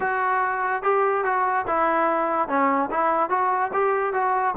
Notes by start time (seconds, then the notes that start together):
0.00 F#4
0.83 G4
1.24 F#4
1.67 E4
2.48 C#4
2.91 E4
3.29 F#4
3.73 G4
4.13 F#4